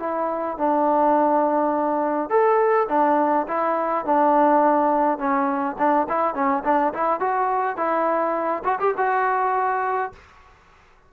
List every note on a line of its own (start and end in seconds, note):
0.00 0.58 E4
0.58 2.30 D4
2.30 2.88 A4
2.89 3.47 D4
3.48 4.05 E4
4.05 5.19 D4
5.19 5.76 C#4
5.78 6.07 D4
6.09 6.35 E4
6.35 6.63 C#4
6.65 6.93 D4
6.94 7.20 E4
7.20 7.77 F#4
7.77 8.64 E4
8.65 8.79 F#4
8.80 8.94 G4
8.98 10.13 F#4